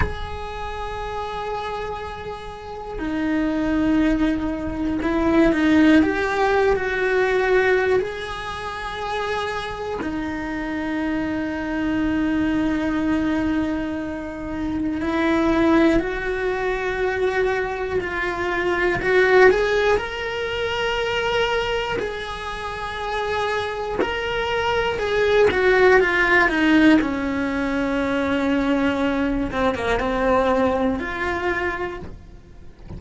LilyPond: \new Staff \with { instrumentName = "cello" } { \time 4/4 \tempo 4 = 60 gis'2. dis'4~ | dis'4 e'8 dis'8 g'8. fis'4~ fis'16 | gis'2 dis'2~ | dis'2. e'4 |
fis'2 f'4 fis'8 gis'8 | ais'2 gis'2 | ais'4 gis'8 fis'8 f'8 dis'8 cis'4~ | cis'4. c'16 ais16 c'4 f'4 | }